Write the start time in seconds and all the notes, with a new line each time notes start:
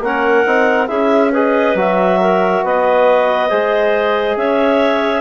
0.00 A#3 C#4 A#4 F#5
0.46 C4 D#4
0.87 C#4 E4 G#4 E5
1.31 G#4 B4 D#5
1.74 F#3 F#4 E5
2.20 A#4
2.63 B3 B4 D#5
3.48 G#3 G#4 C5
4.36 C#4 C#5 E5